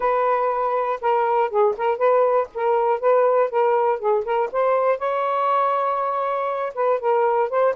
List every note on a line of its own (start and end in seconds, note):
0.00 1.00 B4
1.01 1.50 A#4
1.50 1.75 G#4
1.77 1.97 A#4
1.97 2.48 B4
2.54 3.00 A#4
3.00 3.50 B4
3.50 3.99 A#4
3.99 4.24 G#4
4.24 4.49 A#4
4.52 4.98 C5
4.98 6.73 C#5
6.74 6.99 B4
6.99 7.49 A#4
7.49 7.74 C5